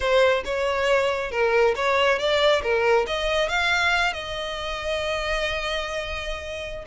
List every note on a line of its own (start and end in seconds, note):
0.00 0.43 C5
0.44 1.31 C#5
1.31 1.75 A#4
1.75 2.18 C#5
2.18 2.62 D5
2.62 3.06 A#4
3.07 3.48 D#5
3.48 4.13 F5
4.13 6.85 D#5